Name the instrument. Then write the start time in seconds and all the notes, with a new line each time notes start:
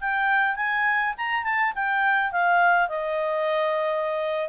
clarinet
0.00 G5
0.56 G#5
1.17 A#5
1.43 A5
1.75 G5
2.31 F5
2.88 D#5